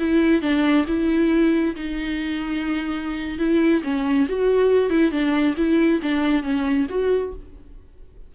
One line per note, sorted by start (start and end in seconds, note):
0.00 0.42 E4
0.42 0.86 D4
0.88 1.76 E4
1.76 3.39 D#4
3.39 3.83 E4
3.84 4.28 C#4
4.29 4.90 F#4
4.90 5.12 E4
5.12 5.56 D4
5.57 6.01 E4
6.03 6.43 D4
6.43 6.87 C#4
6.90 7.34 F#4